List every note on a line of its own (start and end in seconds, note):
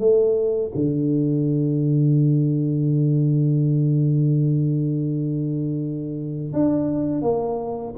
0.00 0.72 A3
0.75 6.54 D3
6.54 7.22 D4
7.22 7.95 A#3